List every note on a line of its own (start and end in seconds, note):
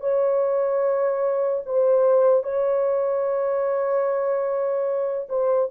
0.00 1.62 C#5
1.66 2.44 C5
2.44 5.27 C#5
5.29 5.69 C5